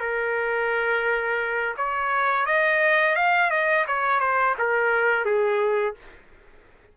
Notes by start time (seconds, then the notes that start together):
0.00 A#4
1.77 C#5
2.46 D#5
3.16 F5
3.50 D#5
3.87 C#5
4.20 C5
4.59 A#4
5.25 G#4